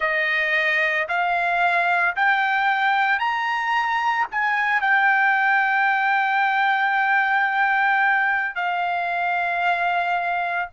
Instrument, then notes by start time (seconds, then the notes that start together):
trumpet
0.00 D#5
1.08 F5
2.16 G5
3.19 A#5
4.31 G#5
4.81 G5
8.55 F5